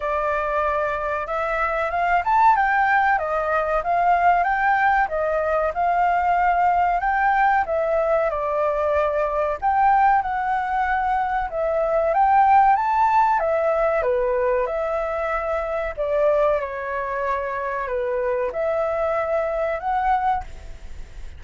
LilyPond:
\new Staff \with { instrumentName = "flute" } { \time 4/4 \tempo 4 = 94 d''2 e''4 f''8 a''8 | g''4 dis''4 f''4 g''4 | dis''4 f''2 g''4 | e''4 d''2 g''4 |
fis''2 e''4 g''4 | a''4 e''4 b'4 e''4~ | e''4 d''4 cis''2 | b'4 e''2 fis''4 | }